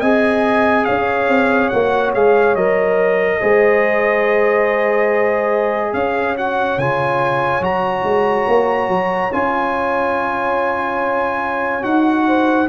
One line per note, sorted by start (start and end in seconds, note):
0.00 0.86 C4
0.00 1.73 G#4
0.00 0.85 D#5
0.00 0.85 G#5
0.85 1.28 C#4
0.85 3.39 C#5
0.85 1.69 F5
1.28 1.70 C4
1.69 2.15 A#3
1.69 2.15 F#4
1.69 2.11 F#5
2.14 2.55 G#3
2.14 2.57 G#4
2.14 2.55 F5
2.55 3.39 F#3
2.55 3.41 A#4
2.55 5.93 D#5
3.40 5.93 G#3
3.40 6.36 G#4
3.40 5.93 C5
5.93 6.77 C#4
5.93 12.27 C#5
5.93 6.36 F5
6.37 6.79 F#4
6.37 6.79 F#5
6.77 7.61 C#3
6.77 7.61 F4
6.77 7.63 G#5
7.61 8.03 F#3
7.61 9.30 F#4
7.61 9.33 A#5
8.04 8.46 G#3
8.47 8.89 A#3
8.89 9.31 F#3
9.33 11.85 C#4
9.33 11.82 F4
9.33 11.84 G#5
11.82 12.69 D#4
11.82 12.66 F#4
11.82 12.68 F#5
12.27 12.69 C5